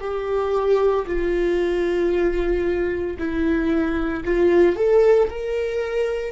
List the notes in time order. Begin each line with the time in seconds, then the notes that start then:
0.00 G4
1.06 F4
3.18 E4
4.24 F4
4.76 A4
5.29 A#4